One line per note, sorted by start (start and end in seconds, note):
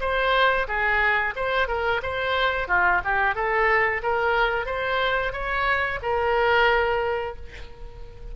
0.00 0.67 C5
0.68 1.34 G#4
1.36 1.68 C5
1.68 2.01 A#4
2.02 2.68 C5
2.68 3.01 F4
3.04 3.35 G4
3.35 4.02 A4
4.02 4.66 A#4
4.66 5.32 C5
5.33 5.99 C#5
6.02 7.35 A#4